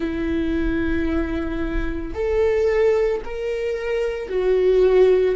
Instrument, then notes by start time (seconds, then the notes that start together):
viola
0.00 E4
2.14 A4
3.24 A#4
4.29 F#4